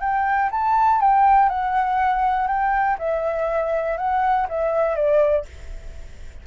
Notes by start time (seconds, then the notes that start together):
0.00 G5
0.51 A5
1.01 G5
1.49 F#5
2.47 G5
2.98 E5
3.97 F#5
4.49 E5
4.95 D5